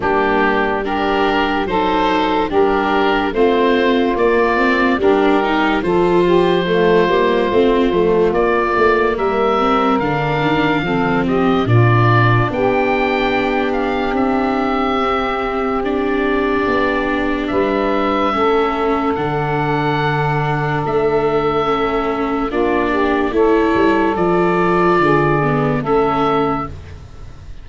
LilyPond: <<
  \new Staff \with { instrumentName = "oboe" } { \time 4/4 \tempo 4 = 72 g'4 ais'4 c''4 ais'4 | c''4 d''4 ais'4 c''4~ | c''2 d''4 e''4 | f''4. dis''8 d''4 g''4~ |
g''8 f''8 e''2 d''4~ | d''4 e''2 fis''4~ | fis''4 e''2 d''4 | cis''4 d''2 e''4 | }
  \new Staff \with { instrumentName = "saxophone" } { \time 4/4 d'4 g'4 a'4 g'4 | f'2 g'4 a'8 g'8 | f'2. ais'4~ | ais'4 a'8 g'8 f'4 g'4~ |
g'1~ | g'4 b'4 a'2~ | a'2. f'8 g'8 | a'2 gis'4 a'4 | }
  \new Staff \with { instrumentName = "viola" } { \time 4/4 ais4 d'4 dis'4 d'4 | c'4 ais8 c'8 d'8 dis'8 f'4 | a8 ais8 c'8 a8 ais4. c'8 | d'4 c'4 d'2~ |
d'2 c'4 d'4~ | d'2 cis'4 d'4~ | d'2 cis'4 d'4 | e'4 f'4. b8 cis'4 | }
  \new Staff \with { instrumentName = "tuba" } { \time 4/4 g2 fis4 g4 | a4 ais4 g4 f4~ | f8 g8 a8 f8 ais8 a8 g4 | d8 dis8 f4 ais,4 b4~ |
b4 c'2. | b4 g4 a4 d4~ | d4 a2 ais4 | a8 g8 f4 d4 a4 | }
>>